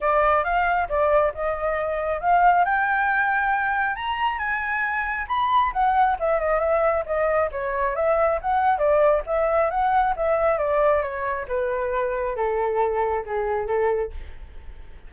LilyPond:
\new Staff \with { instrumentName = "flute" } { \time 4/4 \tempo 4 = 136 d''4 f''4 d''4 dis''4~ | dis''4 f''4 g''2~ | g''4 ais''4 gis''2 | b''4 fis''4 e''8 dis''8 e''4 |
dis''4 cis''4 e''4 fis''4 | d''4 e''4 fis''4 e''4 | d''4 cis''4 b'2 | a'2 gis'4 a'4 | }